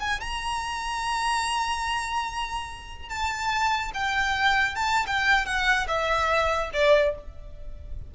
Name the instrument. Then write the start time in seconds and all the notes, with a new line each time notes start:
violin
0.00 G#5
0.21 A#5
3.09 A5
3.94 G5
4.75 A5
5.07 G5
5.46 F#5
5.88 E5
6.74 D5